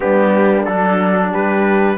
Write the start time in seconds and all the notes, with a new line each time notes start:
0.00 G3 B3 D4 G4
0.64 F#3 D4 A4
1.30 G3 G4 B4